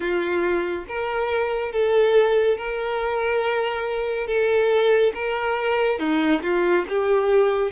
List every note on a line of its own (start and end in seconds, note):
0.00 0.85 F4
0.88 1.71 A#4
1.71 2.57 A4
2.57 4.27 A#4
4.27 5.12 A4
5.14 5.99 A#4
5.99 6.42 D#4
6.42 6.85 F4
6.88 7.71 G4